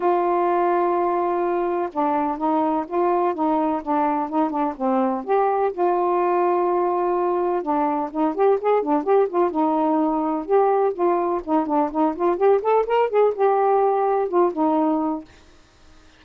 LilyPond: \new Staff \with { instrumentName = "saxophone" } { \time 4/4 \tempo 4 = 126 f'1 | d'4 dis'4 f'4 dis'4 | d'4 dis'8 d'8 c'4 g'4 | f'1 |
d'4 dis'8 g'8 gis'8 d'8 g'8 f'8 | dis'2 g'4 f'4 | dis'8 d'8 dis'8 f'8 g'8 a'8 ais'8 gis'8 | g'2 f'8 dis'4. | }